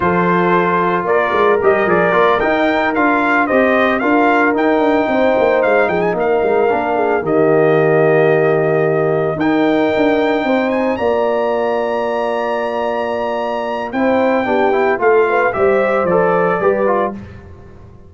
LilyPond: <<
  \new Staff \with { instrumentName = "trumpet" } { \time 4/4 \tempo 4 = 112 c''2 d''4 dis''8 d''8~ | d''8 g''4 f''4 dis''4 f''8~ | f''8 g''2 f''8 g''16 gis''16 f''8~ | f''4. dis''2~ dis''8~ |
dis''4. g''2~ g''8 | gis''8 ais''2.~ ais''8~ | ais''2 g''2 | f''4 e''4 d''2 | }
  \new Staff \with { instrumentName = "horn" } { \time 4/4 a'2 ais'2~ | ais'2~ ais'8 c''4 ais'8~ | ais'4. c''4. gis'8 ais'8~ | ais'4 gis'8 g'2~ g'8~ |
g'4. ais'2 c''8~ | c''8 d''2.~ d''8~ | d''2 c''4 g'4 | a'8 b'8 c''2 b'4 | }
  \new Staff \with { instrumentName = "trombone" } { \time 4/4 f'2. g'8 gis'8 | f'8 dis'4 f'4 g'4 f'8~ | f'8 dis'2.~ dis'8~ | dis'8 d'4 ais2~ ais8~ |
ais4. dis'2~ dis'8~ | dis'8 f'2.~ f'8~ | f'2 e'4 d'8 e'8 | f'4 g'4 a'4 g'8 f'8 | }
  \new Staff \with { instrumentName = "tuba" } { \time 4/4 f2 ais8 gis8 g8 f8 | ais8 dis'4 d'4 c'4 d'8~ | d'8 dis'8 d'8 c'8 ais8 gis8 f8 ais8 | gis8 ais4 dis2~ dis8~ |
dis4. dis'4 d'4 c'8~ | c'8 ais2.~ ais8~ | ais2 c'4 b4 | a4 g4 f4 g4 | }
>>